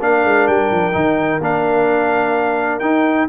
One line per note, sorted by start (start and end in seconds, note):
0.00 0.24 A#3
0.00 0.92 D4
0.00 3.29 A#4
0.00 0.47 F5
0.24 0.48 G#3
0.47 0.71 G3
0.47 1.42 G5
0.71 0.95 F3
0.92 1.40 D#3
0.92 1.40 D#4
1.40 2.81 A#3
1.40 2.81 D4
1.40 2.79 F5
2.79 3.28 D#4
2.79 3.29 D#4
2.79 3.26 G5